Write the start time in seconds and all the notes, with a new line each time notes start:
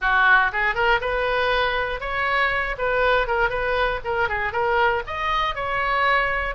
0.01 F#4
0.52 G#4
0.74 A#4
1.01 B4
2.00 C#5
2.77 B4
3.27 A#4
3.49 B4
4.04 A#4
4.28 G#4
4.52 A#4
5.06 D#5
5.55 C#5